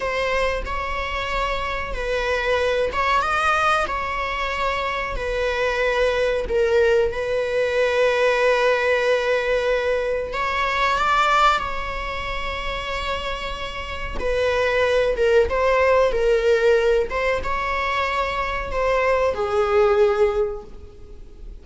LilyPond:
\new Staff \with { instrumentName = "viola" } { \time 4/4 \tempo 4 = 93 c''4 cis''2 b'4~ | b'8 cis''8 dis''4 cis''2 | b'2 ais'4 b'4~ | b'1 |
cis''4 d''4 cis''2~ | cis''2 b'4. ais'8 | c''4 ais'4. c''8 cis''4~ | cis''4 c''4 gis'2 | }